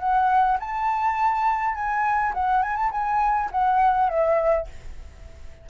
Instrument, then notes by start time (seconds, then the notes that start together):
flute
0.00 F#5
0.60 A5
1.75 G#5
2.34 F#5
2.63 G#5
2.77 A5
2.92 G#5
3.52 F#5
4.09 E5